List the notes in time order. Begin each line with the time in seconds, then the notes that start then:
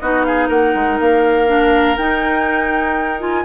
0.00 B3 D#4 F#4 D#5
0.24 G#4 F5
0.48 A#3 A#4 F#5
0.75 G#3
1.00 A#3 F5
1.47 D4
1.97 D#4 G5
3.20 F4 G#5